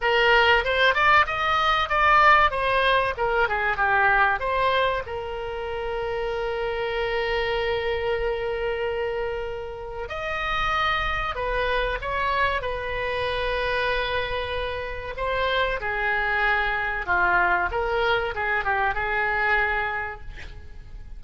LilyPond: \new Staff \with { instrumentName = "oboe" } { \time 4/4 \tempo 4 = 95 ais'4 c''8 d''8 dis''4 d''4 | c''4 ais'8 gis'8 g'4 c''4 | ais'1~ | ais'1 |
dis''2 b'4 cis''4 | b'1 | c''4 gis'2 f'4 | ais'4 gis'8 g'8 gis'2 | }